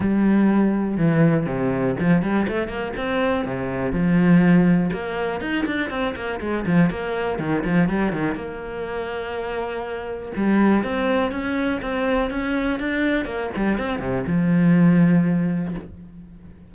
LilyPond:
\new Staff \with { instrumentName = "cello" } { \time 4/4 \tempo 4 = 122 g2 e4 c4 | f8 g8 a8 ais8 c'4 c4 | f2 ais4 dis'8 d'8 | c'8 ais8 gis8 f8 ais4 dis8 f8 |
g8 dis8 ais2.~ | ais4 g4 c'4 cis'4 | c'4 cis'4 d'4 ais8 g8 | c'8 c8 f2. | }